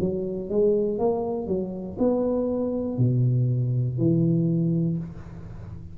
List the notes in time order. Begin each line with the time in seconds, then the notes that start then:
0.00 F#3
0.49 G#3
0.99 A#3
1.47 F#3
1.98 B3
2.97 B2
3.98 E3